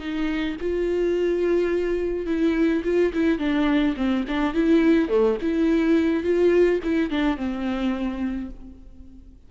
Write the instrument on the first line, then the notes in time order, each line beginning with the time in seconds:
viola
0.00 D#4
0.61 F4
2.26 E4
2.85 F4
3.14 E4
3.39 D4
3.97 C4
4.28 D4
4.54 E4
5.09 A3
5.42 E4
6.24 F4
6.84 E4
7.11 D4
7.37 C4